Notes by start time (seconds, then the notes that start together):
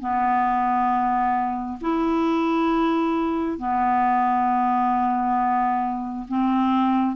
0.00 B3
1.81 E4
3.58 B3
6.28 C4